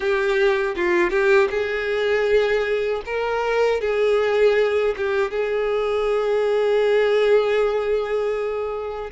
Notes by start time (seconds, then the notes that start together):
0.00 G4
0.76 F4
1.10 G4
1.50 G#4
3.05 A#4
3.80 G#4
4.96 G4
5.30 G#4